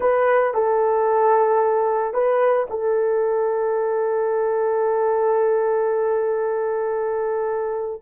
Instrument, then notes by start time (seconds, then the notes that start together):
horn
0.00 B4
0.54 A4
2.13 B4
2.69 A4